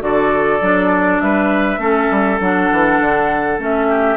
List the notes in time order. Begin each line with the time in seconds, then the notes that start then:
0.00 D3 F#4 A4 D5
0.61 F#3 D4
1.20 G3 B4 E5
1.78 A3 C#4 A4
2.11 G3
2.40 F#3 D4 F#5
2.72 E3
3.00 D3
3.58 A3 C#4 E5
3.88 G4